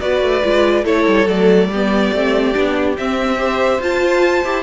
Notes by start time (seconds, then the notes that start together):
0.00 B3 F#4 B4 D5
0.22 A3
0.44 G#3 F4
0.84 A3 E4 A4 C#5
1.07 G3
1.26 F#3 A3 D5
1.69 G3 B3 G4
2.13 A3 C4
2.53 B3 D4
2.97 C4 E5
3.38 G4 C5
3.79 F4 A5
4.44 E4 G4